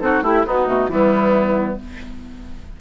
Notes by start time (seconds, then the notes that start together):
0.00 C4 D#4 F#4 A4
0.22 A3 E4 G4
0.46 B3 D#4 F#4
0.67 B2 A3
0.88 E3 G3 B3 E4